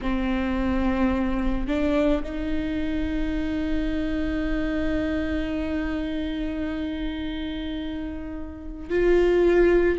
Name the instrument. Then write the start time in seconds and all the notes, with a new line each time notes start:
viola
0.02 C4
1.67 D4
2.23 D#4
8.89 F4